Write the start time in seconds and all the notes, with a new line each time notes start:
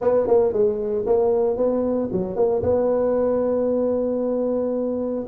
0.01 B3
0.27 A#3
0.52 G#3
1.06 A#3
1.56 B3
2.11 F#3
2.36 A#3
2.62 B3